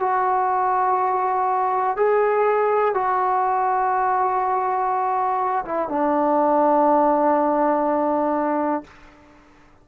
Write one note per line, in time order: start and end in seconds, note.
0.00 1.97 F#4
1.97 2.95 G#4
2.95 5.65 F#4
5.65 5.89 E4
5.89 8.84 D4